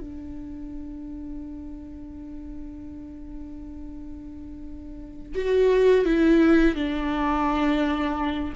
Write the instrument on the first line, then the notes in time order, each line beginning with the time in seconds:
viola
0.00 D4
5.35 F#4
6.05 E4
6.75 D4